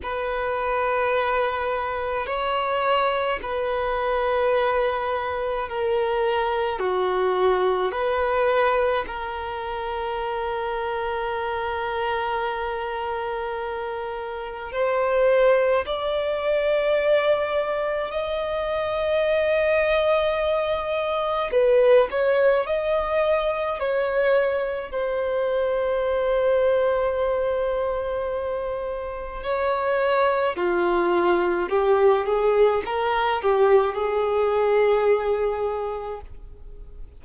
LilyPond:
\new Staff \with { instrumentName = "violin" } { \time 4/4 \tempo 4 = 53 b'2 cis''4 b'4~ | b'4 ais'4 fis'4 b'4 | ais'1~ | ais'4 c''4 d''2 |
dis''2. b'8 cis''8 | dis''4 cis''4 c''2~ | c''2 cis''4 f'4 | g'8 gis'8 ais'8 g'8 gis'2 | }